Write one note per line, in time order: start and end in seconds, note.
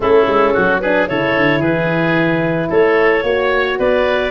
0.00 0.25 A3
0.00 0.82 C#4
0.00 0.53 E4
0.00 0.80 A4
0.27 0.54 G#3
0.53 1.09 F#3
0.53 0.80 F#4
0.80 1.08 D4
0.80 1.08 G#4
0.80 1.07 B4
1.08 1.36 C#3
1.08 3.24 E4
1.08 1.59 A4
1.08 1.62 C#5
1.36 1.60 D3
1.59 2.68 E3
1.59 2.67 G#4
1.59 2.70 B4
2.70 3.23 A3
2.70 3.24 A4
2.70 3.79 C#5
3.23 3.77 A#3
3.23 4.31 F#4
3.23 3.78 C#5
3.78 4.31 B3
3.78 4.31 B4
3.78 4.31 D5